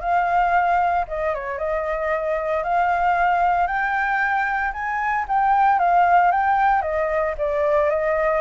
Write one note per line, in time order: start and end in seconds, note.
0.00 1.05 F5
1.07 1.34 D#5
1.34 1.58 C#5
1.58 2.63 D#5
2.63 3.67 F5
3.67 4.72 G5
4.72 5.25 G#5
5.28 5.79 G5
5.79 6.31 F5
6.31 6.82 G5
6.82 7.34 D#5
7.37 7.90 D5
7.90 8.41 D#5